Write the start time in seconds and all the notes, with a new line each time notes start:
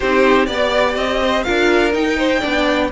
0.00 C4 D#4 G4 C5
0.45 B3 G4 D5
0.95 C4 D#5
1.21 C5
1.43 D4 F4 A#4 F5
1.92 D#4 G5
2.17 C5
2.40 B3 D4 D5